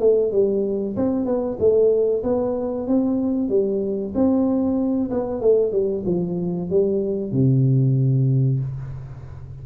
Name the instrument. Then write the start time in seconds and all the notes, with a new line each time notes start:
tuba
0.00 A3
0.32 G3
0.96 C4
1.25 B3
1.59 A3
2.24 B3
2.88 C4
3.49 G3
4.15 C4
5.11 B3
5.41 A3
5.72 G3
6.06 F3
6.70 G3
7.32 C3